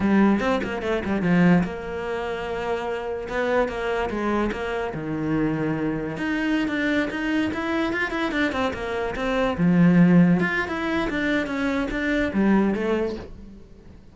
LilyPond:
\new Staff \with { instrumentName = "cello" } { \time 4/4 \tempo 4 = 146 g4 c'8 ais8 a8 g8 f4 | ais1 | b4 ais4 gis4 ais4 | dis2. dis'4~ |
dis'16 d'4 dis'4 e'4 f'8 e'16~ | e'16 d'8 c'8 ais4 c'4 f8.~ | f4~ f16 f'8. e'4 d'4 | cis'4 d'4 g4 a4 | }